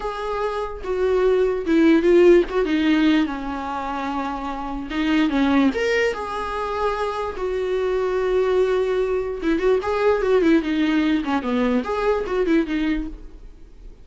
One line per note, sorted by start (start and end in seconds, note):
0.00 0.82 G#4
0.84 1.65 F#4
1.65 2.02 E4
2.02 2.43 F4
2.49 2.65 F#4
2.65 3.25 D#4
3.25 4.89 C#4
4.90 5.29 D#4
5.29 5.70 C#4
5.74 6.13 A#4
6.13 7.36 G#4
7.37 9.41 F#4
9.42 9.58 E4
9.58 9.79 F#4
9.82 10.22 G#4
10.22 10.42 F#4
10.42 10.62 E4
10.62 11.23 D#4
11.24 11.42 C#4
11.42 11.83 B3
11.83 12.24 G#4
12.26 12.46 F#4
12.46 12.66 E4
12.66 13.07 D#4